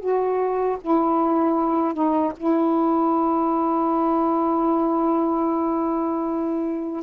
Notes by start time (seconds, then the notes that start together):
0.00 F#4
0.81 E4
1.94 D#4
2.37 E4